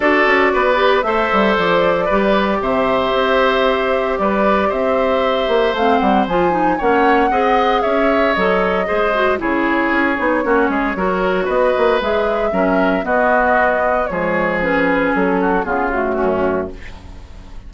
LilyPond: <<
  \new Staff \with { instrumentName = "flute" } { \time 4/4 \tempo 4 = 115 d''2 e''4 d''4~ | d''4 e''2. | d''4 e''2 f''8 fis''8 | gis''4 fis''2 e''4 |
dis''2 cis''2~ | cis''2 dis''4 e''4~ | e''4 dis''2 cis''4 | b'4 a'4 gis'8 fis'4. | }
  \new Staff \with { instrumentName = "oboe" } { \time 4/4 a'4 b'4 c''2 | b'4 c''2. | b'4 c''2.~ | c''4 cis''4 dis''4 cis''4~ |
cis''4 c''4 gis'2 | fis'8 gis'8 ais'4 b'2 | ais'4 fis'2 gis'4~ | gis'4. fis'8 f'4 cis'4 | }
  \new Staff \with { instrumentName = "clarinet" } { \time 4/4 fis'4. g'8 a'2 | g'1~ | g'2. c'4 | f'8 dis'8 cis'4 gis'2 |
a'4 gis'8 fis'8 e'4. dis'8 | cis'4 fis'2 gis'4 | cis'4 b2 gis4 | cis'2 b8 a4. | }
  \new Staff \with { instrumentName = "bassoon" } { \time 4/4 d'8 cis'8 b4 a8 g8 f4 | g4 c4 c'2 | g4 c'4. ais8 a8 g8 | f4 ais4 c'4 cis'4 |
fis4 gis4 cis4 cis'8 b8 | ais8 gis8 fis4 b8 ais8 gis4 | fis4 b2 f4~ | f4 fis4 cis4 fis,4 | }
>>